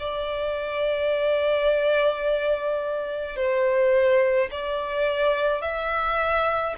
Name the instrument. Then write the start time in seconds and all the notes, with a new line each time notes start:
violin
0.00 D5
3.36 C5
4.51 D5
5.62 E5